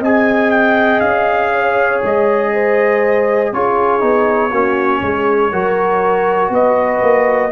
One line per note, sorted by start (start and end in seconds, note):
0.00 1.01 C4
0.00 3.54 G#4
0.00 1.50 D#5
0.00 0.51 G#5
0.51 1.00 G5
1.00 2.01 C#4
1.00 2.00 F5
1.53 2.53 C#5
2.04 3.53 G#3
2.04 3.54 D#5
2.54 3.54 C5
3.53 4.02 C#4
3.53 4.01 F4
3.53 4.51 G#4
3.53 6.54 C#5
4.01 4.52 B3
4.01 4.51 D#4
4.51 5.02 A#3
4.51 5.53 C#4
4.51 5.01 F#4
5.03 5.52 G#3
5.03 5.53 G#4
5.52 6.50 F#3
5.52 7.52 F#4
5.52 6.52 A#4
6.50 7.00 B3
6.50 7.52 B4
6.50 7.52 D#5
7.02 7.52 A#3